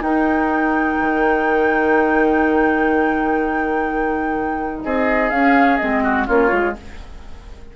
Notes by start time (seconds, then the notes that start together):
0.00 D#4 A#4 G5
1.00 D#3
4.84 C4 G#4 D#5
5.29 C#4 F5
5.77 G#3 C4 D#5
6.03 F#4
6.27 A#3 C#4 F4 C#5
6.48 G#3 F4